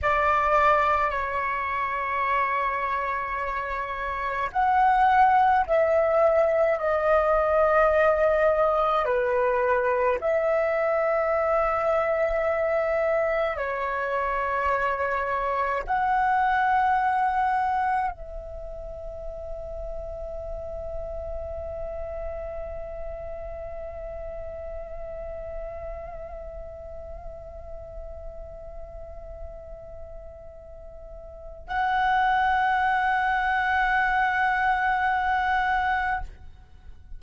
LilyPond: \new Staff \with { instrumentName = "flute" } { \time 4/4 \tempo 4 = 53 d''4 cis''2. | fis''4 e''4 dis''2 | b'4 e''2. | cis''2 fis''2 |
e''1~ | e''1~ | e''1 | fis''1 | }